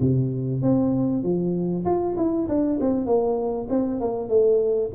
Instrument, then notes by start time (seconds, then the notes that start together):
tuba
0.00 C3
0.62 C4
1.23 F3
1.85 F4
2.16 E4
2.48 D4
2.80 C4
3.06 A#3
3.69 C4
4.00 A#3
4.28 A3